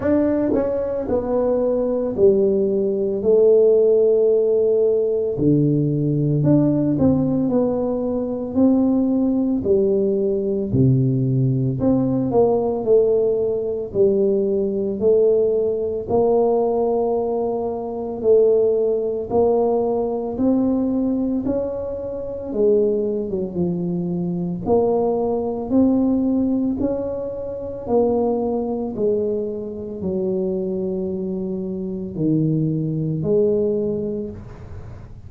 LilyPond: \new Staff \with { instrumentName = "tuba" } { \time 4/4 \tempo 4 = 56 d'8 cis'8 b4 g4 a4~ | a4 d4 d'8 c'8 b4 | c'4 g4 c4 c'8 ais8 | a4 g4 a4 ais4~ |
ais4 a4 ais4 c'4 | cis'4 gis8. fis16 f4 ais4 | c'4 cis'4 ais4 gis4 | fis2 dis4 gis4 | }